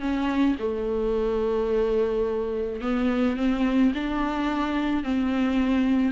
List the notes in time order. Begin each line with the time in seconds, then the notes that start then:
0.00 C#4
0.59 A3
2.81 B3
3.36 C4
3.94 D4
5.03 C4